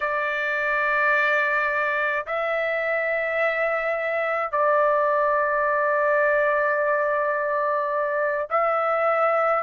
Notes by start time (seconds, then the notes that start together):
0.00 D5
2.26 E5
4.51 D5
8.50 E5